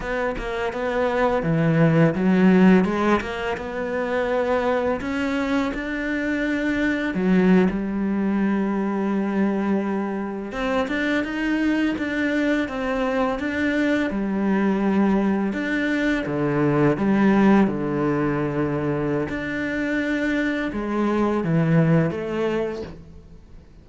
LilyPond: \new Staff \with { instrumentName = "cello" } { \time 4/4 \tempo 4 = 84 b8 ais8 b4 e4 fis4 | gis8 ais8 b2 cis'4 | d'2 fis8. g4~ g16~ | g2~ g8. c'8 d'8 dis'16~ |
dis'8. d'4 c'4 d'4 g16~ | g4.~ g16 d'4 d4 g16~ | g8. d2~ d16 d'4~ | d'4 gis4 e4 a4 | }